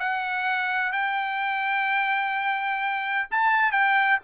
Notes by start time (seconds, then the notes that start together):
0.00 F#5
0.93 G5
3.31 A5
3.72 G5